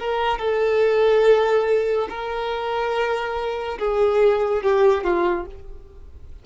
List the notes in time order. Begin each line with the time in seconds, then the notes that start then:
0.00 A#4
0.39 A4
2.10 A#4
3.79 G#4
4.63 G4
5.04 F4